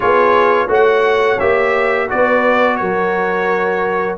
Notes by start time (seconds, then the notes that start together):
0.00 B3 F4 G#4 C#5
0.68 A3 F#4 C#5 F#5
1.39 A#3 G4 E5
2.08 B3 F#4 B4 D5
2.76 F#3 A#4 C#5